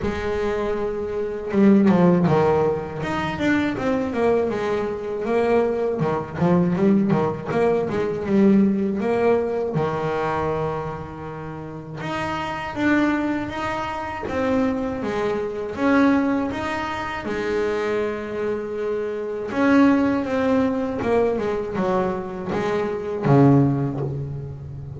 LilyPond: \new Staff \with { instrumentName = "double bass" } { \time 4/4 \tempo 4 = 80 gis2 g8 f8 dis4 | dis'8 d'8 c'8 ais8 gis4 ais4 | dis8 f8 g8 dis8 ais8 gis8 g4 | ais4 dis2. |
dis'4 d'4 dis'4 c'4 | gis4 cis'4 dis'4 gis4~ | gis2 cis'4 c'4 | ais8 gis8 fis4 gis4 cis4 | }